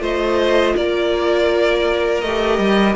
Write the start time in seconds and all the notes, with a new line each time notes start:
0.00 A3 F4 C5 D#5
0.76 A#3 A#4 D5
2.21 A3 G4 D#5
2.58 G3